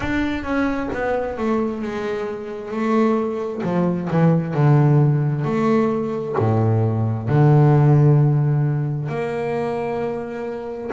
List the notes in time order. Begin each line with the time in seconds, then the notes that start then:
0.00 D4
0.43 C#4
0.93 B3
1.37 A3
1.82 G#3
2.71 A3
3.63 F3
4.10 E3
4.54 D3
5.44 A3
6.38 A2
7.28 D3
9.08 A#3